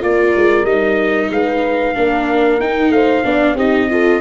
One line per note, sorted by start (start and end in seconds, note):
0.00 0.34 A#3
0.00 0.65 F4
0.00 1.31 A#4
0.00 0.66 D5
0.36 0.63 G#3
0.63 1.28 G3
0.63 1.95 D#4
0.63 1.30 D#5
1.30 1.94 G#3
1.30 1.96 B4
1.30 2.61 F5
1.95 2.60 A#3
1.95 2.59 D4
1.95 2.92 A#4
2.60 2.90 D#4
2.60 3.24 D#4
2.60 2.92 G5
2.90 3.22 A3
2.90 3.26 C5
2.90 3.56 F5
3.24 3.55 B3
3.24 3.56 D4
3.24 3.56 D5
3.55 4.20 C4
3.55 3.90 D#4
3.55 3.88 G4
3.55 4.21 D#5
3.90 4.21 F4
3.90 4.21 A4